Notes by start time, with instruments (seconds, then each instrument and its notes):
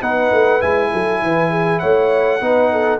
0.00 tuba B3, trombone D#4, horn B4, trumpet F#5
0.31 tuba A3
0.60 tuba G#3, trombone E4, trumpet G#5
0.91 tuba F#3, horn A4
1.22 tuba E3, horn B4
1.50 horn G#4
1.79 tuba A3, horn C#5, trumpet F#5
2.40 tuba B3, trombone D#4, horn B4
2.71 horn A4